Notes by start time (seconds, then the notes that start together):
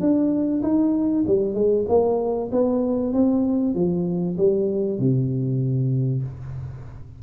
0.00 D4
0.63 D#4
1.27 G3
1.54 G#3
1.88 A#3
2.52 B3
3.13 C4
3.75 F3
4.37 G3
4.99 C3